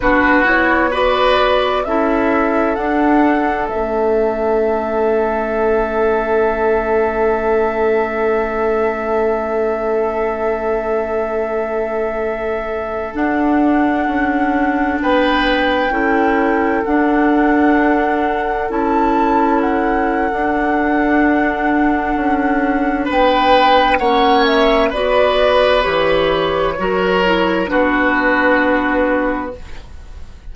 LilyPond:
<<
  \new Staff \with { instrumentName = "flute" } { \time 4/4 \tempo 4 = 65 b'8 cis''8 d''4 e''4 fis''4 | e''1~ | e''1~ | e''2~ e''16 fis''4.~ fis''16~ |
fis''16 g''2 fis''4.~ fis''16~ | fis''16 a''4 fis''2~ fis''8.~ | fis''4 g''4 fis''8 e''8 d''4 | cis''2 b'2 | }
  \new Staff \with { instrumentName = "oboe" } { \time 4/4 fis'4 b'4 a'2~ | a'1~ | a'1~ | a'1~ |
a'16 b'4 a'2~ a'8.~ | a'1~ | a'4 b'4 cis''4 b'4~ | b'4 ais'4 fis'2 | }
  \new Staff \with { instrumentName = "clarinet" } { \time 4/4 d'8 e'8 fis'4 e'4 d'4 | cis'1~ | cis'1~ | cis'2~ cis'16 d'4.~ d'16~ |
d'4~ d'16 e'4 d'4.~ d'16~ | d'16 e'4.~ e'16 d'2~ | d'2 cis'4 fis'4 | g'4 fis'8 e'8 d'2 | }
  \new Staff \with { instrumentName = "bassoon" } { \time 4/4 b2 cis'4 d'4 | a1~ | a1~ | a2~ a16 d'4 cis'8.~ |
cis'16 b4 cis'4 d'4.~ d'16~ | d'16 cis'4.~ cis'16 d'2 | cis'4 b4 ais4 b4 | e4 fis4 b2 | }
>>